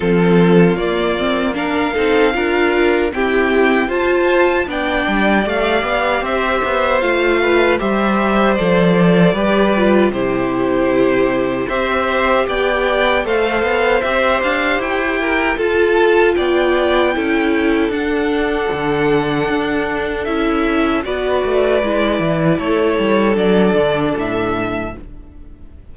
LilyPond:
<<
  \new Staff \with { instrumentName = "violin" } { \time 4/4 \tempo 4 = 77 a'4 d''4 f''2 | g''4 a''4 g''4 f''4 | e''4 f''4 e''4 d''4~ | d''4 c''2 e''4 |
g''4 f''4 e''8 f''8 g''4 | a''4 g''2 fis''4~ | fis''2 e''4 d''4~ | d''4 cis''4 d''4 e''4 | }
  \new Staff \with { instrumentName = "violin" } { \time 4/4 f'2 ais'8 a'8 ais'4 | g'4 c''4 d''2 | c''4. b'8 c''2 | b'4 g'2 c''4 |
d''4 c''2~ c''8 ais'8 | a'4 d''4 a'2~ | a'2. b'4~ | b'4 a'2. | }
  \new Staff \with { instrumentName = "viola" } { \time 4/4 c'4 ais8 c'8 d'8 dis'8 f'4 | c'4 f'4 d'4 g'4~ | g'4 f'4 g'4 a'4 | g'8 f'8 e'2 g'4~ |
g'4 a'4 g'2 | f'2 e'4 d'4~ | d'2 e'4 fis'4 | e'2 d'2 | }
  \new Staff \with { instrumentName = "cello" } { \time 4/4 f4 ais4. c'8 d'4 | e'4 f'4 b8 g8 a8 b8 | c'8 b8 a4 g4 f4 | g4 c2 c'4 |
b4 a8 b8 c'8 d'8 e'4 | f'4 b4 cis'4 d'4 | d4 d'4 cis'4 b8 a8 | gis8 e8 a8 g8 fis8 d8 a,4 | }
>>